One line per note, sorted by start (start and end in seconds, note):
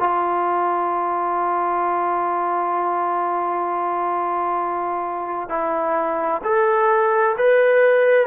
0.00 5.49 F4
5.49 6.42 E4
6.44 7.36 A4
7.38 8.27 B4